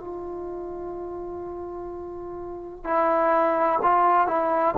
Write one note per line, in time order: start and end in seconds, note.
0.00 2.84 F4
2.84 3.80 E4
3.83 4.28 F4
4.28 4.75 E4